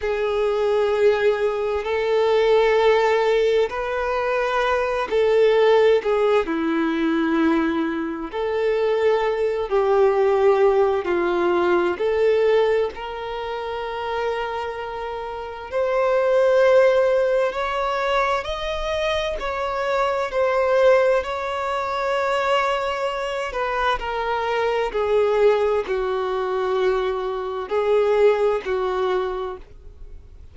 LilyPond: \new Staff \with { instrumentName = "violin" } { \time 4/4 \tempo 4 = 65 gis'2 a'2 | b'4. a'4 gis'8 e'4~ | e'4 a'4. g'4. | f'4 a'4 ais'2~ |
ais'4 c''2 cis''4 | dis''4 cis''4 c''4 cis''4~ | cis''4. b'8 ais'4 gis'4 | fis'2 gis'4 fis'4 | }